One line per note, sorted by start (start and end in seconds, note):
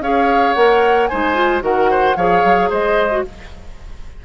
0.00 0.54 C#4
0.00 0.56 G#4
0.00 1.10 C#5
0.00 0.54 F5
0.54 1.10 A#3
0.54 1.10 A#4
0.54 1.07 F#5
1.07 1.34 D#4
1.07 1.63 C5
1.07 1.61 G#5
1.13 1.62 G#3
1.34 1.61 F4
1.61 2.16 D#3
1.61 2.14 F#4
1.61 1.91 A#4
1.61 2.17 F#5
1.91 2.17 C5
2.16 2.43 F3
2.16 3.11 G#4
2.16 2.70 C#5
2.16 2.70 F5
2.45 2.71 F#3
2.70 3.24 G#3
2.70 3.23 C5
2.70 3.25 D#5
3.11 3.24 F#4